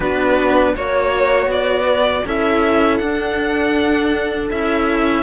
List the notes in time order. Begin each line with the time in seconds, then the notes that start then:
0.00 B3 D4 F#4 B4
0.74 A#3 F#4 C#5
1.46 B3 D5
1.84 B4
2.25 C#4 E4 A4 E5
2.97 D4 F#5
4.50 C#4 E4 E5